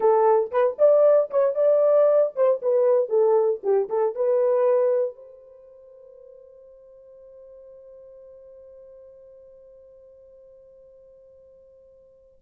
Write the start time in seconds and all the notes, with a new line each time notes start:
0.00 A4
0.51 B4
0.78 D5
1.30 C#5
1.54 D5
2.35 C5
2.62 B4
3.08 A4
3.63 G4
3.89 A4
4.15 B4
5.15 C5